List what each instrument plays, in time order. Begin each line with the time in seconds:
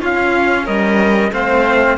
0.00 cello C#4, violin F4, trumpet F5
0.65 cello G3, violin A#4, trumpet D#5
1.31 cello A3 C4, violin C5, trumpet F5